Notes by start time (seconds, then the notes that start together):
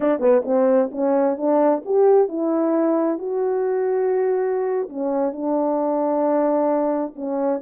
0.00 D4
0.19 B3
0.45 C4
0.91 C#4
1.37 D4
1.85 G4
2.28 E4
3.18 F#4
4.89 C#4
5.32 D4
7.15 C#4